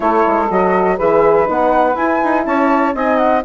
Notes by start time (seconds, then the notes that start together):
0.00 A3 E4 A4 C#5
0.26 G#3
0.50 F#3 F#4 D#5
0.96 E3 G#4 B4 E5
1.45 B3 D#4 F#5
1.94 E4 G#5
2.24 D#4
2.45 C#4 C#5 A5
2.94 C4 D#4 D#5 G#5
3.17 F#5